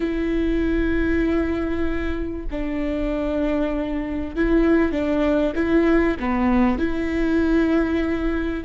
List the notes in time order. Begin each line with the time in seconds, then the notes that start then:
0.00 E4
2.51 D4
4.36 E4
4.91 D4
5.55 E4
6.19 B3
6.78 E4